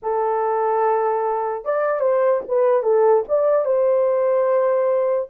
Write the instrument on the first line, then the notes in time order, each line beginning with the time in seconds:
horn
0.02 A4
1.64 D5
2.00 C5
2.48 B4
2.83 A4
3.28 D5
3.65 C5